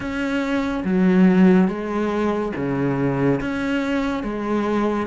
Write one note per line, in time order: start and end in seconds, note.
0.00 0.83 C#4
0.84 1.67 F#3
1.67 2.52 G#3
2.56 3.40 C#3
3.40 4.23 C#4
4.23 5.06 G#3